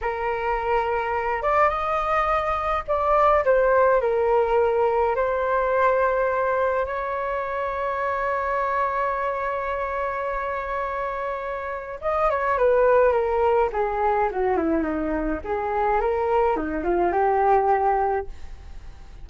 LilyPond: \new Staff \with { instrumentName = "flute" } { \time 4/4 \tempo 4 = 105 ais'2~ ais'8 d''8 dis''4~ | dis''4 d''4 c''4 ais'4~ | ais'4 c''2. | cis''1~ |
cis''1~ | cis''4 dis''8 cis''8 b'4 ais'4 | gis'4 fis'8 e'8 dis'4 gis'4 | ais'4 dis'8 f'8 g'2 | }